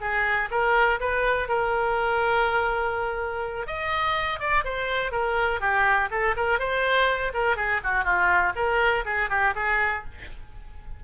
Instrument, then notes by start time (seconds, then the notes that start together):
oboe
0.00 G#4
0.51 A#4
1.00 B4
1.48 A#4
3.66 D#5
4.39 D5
4.64 C5
5.11 A#4
5.60 G4
6.11 A4
6.36 A#4
6.59 C5
7.33 A#4
7.56 G#4
7.83 F#4
8.04 F4
8.55 A#4
9.05 G#4
9.29 G4
9.55 G#4